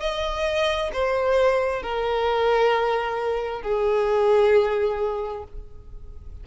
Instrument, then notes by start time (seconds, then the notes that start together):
violin
0.00 D#5
0.93 C5
1.82 A#4
3.62 G#4